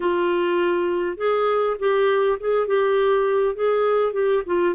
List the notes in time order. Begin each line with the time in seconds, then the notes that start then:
0.00 F4
1.17 G#4
1.79 G4
2.40 G#4
2.67 G4
3.55 G#4
4.13 G4
4.46 F4